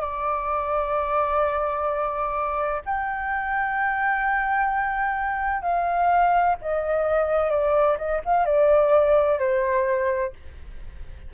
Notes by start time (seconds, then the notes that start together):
0.00 D5
2.85 G5
5.62 F5
6.61 D#5
7.50 D5
7.97 D#5
8.25 F5
8.45 D5
9.39 C5